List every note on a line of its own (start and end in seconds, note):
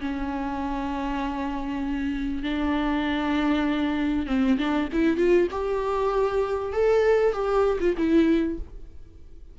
0.00 2.43 C#4
2.43 4.26 D4
4.26 4.57 C4
4.58 4.88 D4
4.92 5.17 E4
5.17 5.47 F4
5.51 6.72 G4
6.72 7.32 A4
7.32 7.78 G4
7.80 7.95 F4
7.97 8.59 E4